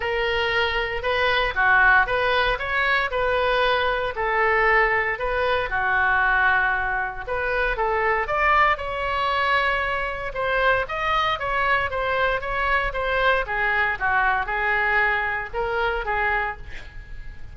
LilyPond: \new Staff \with { instrumentName = "oboe" } { \time 4/4 \tempo 4 = 116 ais'2 b'4 fis'4 | b'4 cis''4 b'2 | a'2 b'4 fis'4~ | fis'2 b'4 a'4 |
d''4 cis''2. | c''4 dis''4 cis''4 c''4 | cis''4 c''4 gis'4 fis'4 | gis'2 ais'4 gis'4 | }